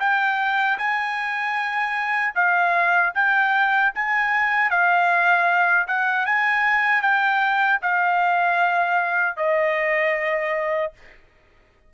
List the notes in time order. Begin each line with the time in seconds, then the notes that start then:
0.00 G5
0.78 G#5
2.35 F5
3.15 G5
3.95 G#5
4.70 F5
5.88 F#5
6.26 G#5
7.02 G5
7.82 F5
9.37 D#5